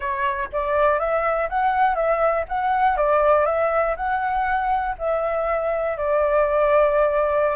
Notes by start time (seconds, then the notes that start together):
0.00 C#5
0.52 D5
0.99 E5
1.49 F#5
1.95 E5
2.48 F#5
2.96 D5
3.45 E5
3.96 F#5
4.98 E5
5.97 D5